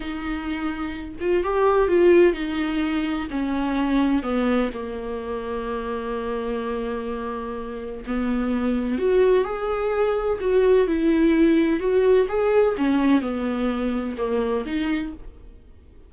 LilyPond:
\new Staff \with { instrumentName = "viola" } { \time 4/4 \tempo 4 = 127 dis'2~ dis'8 f'8 g'4 | f'4 dis'2 cis'4~ | cis'4 b4 ais2~ | ais1~ |
ais4 b2 fis'4 | gis'2 fis'4 e'4~ | e'4 fis'4 gis'4 cis'4 | b2 ais4 dis'4 | }